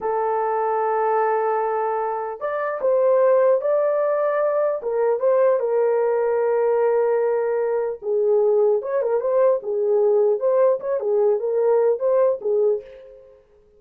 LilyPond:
\new Staff \with { instrumentName = "horn" } { \time 4/4 \tempo 4 = 150 a'1~ | a'2 d''4 c''4~ | c''4 d''2. | ais'4 c''4 ais'2~ |
ais'1 | gis'2 cis''8 ais'8 c''4 | gis'2 c''4 cis''8 gis'8~ | gis'8 ais'4. c''4 gis'4 | }